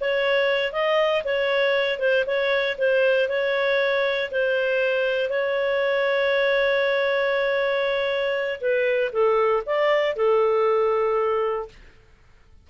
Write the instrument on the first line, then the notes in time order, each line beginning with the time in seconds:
clarinet
0.00 C#5
0.72 D#5
1.24 C#5
1.99 C5
2.26 C#5
2.78 C5
3.28 C#5
4.31 C5
5.29 C#5
8.61 B4
9.12 A4
9.66 D5
10.16 A4